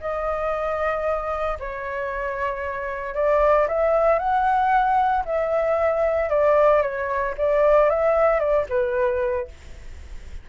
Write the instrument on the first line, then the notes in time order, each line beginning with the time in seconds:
flute
0.00 D#5
1.60 C#5
3.14 D5
3.68 E5
4.19 F#5
5.25 E5
6.29 D5
6.82 C#5
7.37 D5
7.89 E5
8.39 D5
8.69 B4